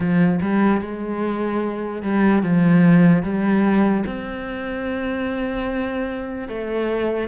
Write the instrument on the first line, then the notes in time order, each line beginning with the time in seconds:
cello
0.00 F3
0.41 G3
0.81 G#3
2.02 G3
2.43 F3
3.22 G3
4.06 C4
6.48 A3